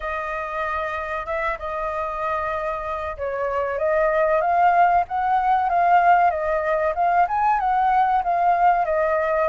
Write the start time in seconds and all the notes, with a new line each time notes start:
0.00 D#5
1.26 E5
1.58 D#5
3.17 C#5
3.78 D#5
4.41 F5
5.08 F#5
5.69 F5
6.30 D#5
6.95 F5
7.27 G#5
7.59 F#5
8.23 F5
8.85 D#5